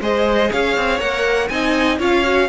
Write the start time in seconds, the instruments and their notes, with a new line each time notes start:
0.00 cello G#3, viola G#4, violin C5 D#5
0.50 cello C#4, violin C#5 F5
0.76 cello C4
0.99 cello A#3, viola A#4, violin F#5
1.48 cello C4, viola D#4, violin D#5 G#5
1.99 cello C#4, viola F4, violin C#5 F5
2.23 viola F#4